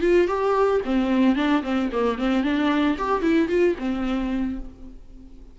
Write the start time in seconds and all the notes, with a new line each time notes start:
0.00 F4
0.27 G4
0.85 C4
1.35 D4
1.62 C4
1.92 A#3
2.18 C4
2.43 D4
2.97 G4
3.21 E4
3.48 F4
3.78 C4